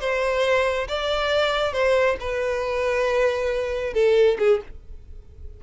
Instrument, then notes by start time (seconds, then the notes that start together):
violin
0.00 C5
0.88 D5
1.73 C5
2.20 B4
3.94 A4
4.39 G#4